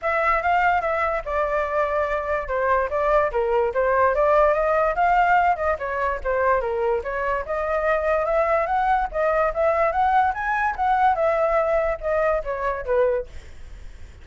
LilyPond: \new Staff \with { instrumentName = "flute" } { \time 4/4 \tempo 4 = 145 e''4 f''4 e''4 d''4~ | d''2 c''4 d''4 | ais'4 c''4 d''4 dis''4 | f''4. dis''8 cis''4 c''4 |
ais'4 cis''4 dis''2 | e''4 fis''4 dis''4 e''4 | fis''4 gis''4 fis''4 e''4~ | e''4 dis''4 cis''4 b'4 | }